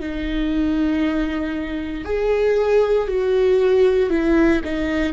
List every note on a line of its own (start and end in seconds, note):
0.00 2.05 D#4
2.05 3.08 G#4
3.08 4.10 F#4
4.10 4.62 E4
4.65 5.13 D#4